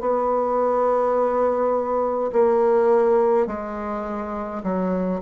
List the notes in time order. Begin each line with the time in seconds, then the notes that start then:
0.00 B3
2.32 A#3
3.47 G#3
4.63 F#3